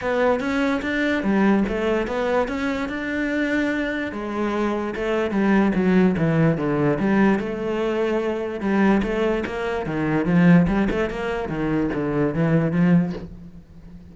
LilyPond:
\new Staff \with { instrumentName = "cello" } { \time 4/4 \tempo 4 = 146 b4 cis'4 d'4 g4 | a4 b4 cis'4 d'4~ | d'2 gis2 | a4 g4 fis4 e4 |
d4 g4 a2~ | a4 g4 a4 ais4 | dis4 f4 g8 a8 ais4 | dis4 d4 e4 f4 | }